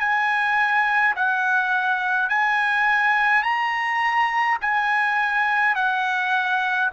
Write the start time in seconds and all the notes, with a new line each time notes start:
0.00 G#5
1.16 F#5
2.30 G#5
3.43 A#5
4.62 G#5
5.75 F#5